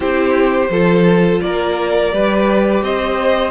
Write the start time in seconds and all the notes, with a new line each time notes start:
0.00 C4 E4 G4 C5
0.69 F3 F4 A4
1.41 A#3 A#4 D5
2.11 G3 G4 B4
2.82 C4 C5 D#5